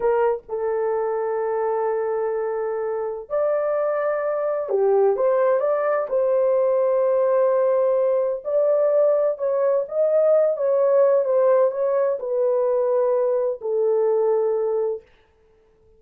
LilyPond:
\new Staff \with { instrumentName = "horn" } { \time 4/4 \tempo 4 = 128 ais'4 a'2.~ | a'2. d''4~ | d''2 g'4 c''4 | d''4 c''2.~ |
c''2 d''2 | cis''4 dis''4. cis''4. | c''4 cis''4 b'2~ | b'4 a'2. | }